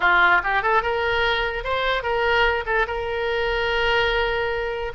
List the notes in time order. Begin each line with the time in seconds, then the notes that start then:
0.00 F4
0.43 G4
0.62 A4
0.82 A#4
1.63 C5
2.02 A#4
2.65 A4
2.87 A#4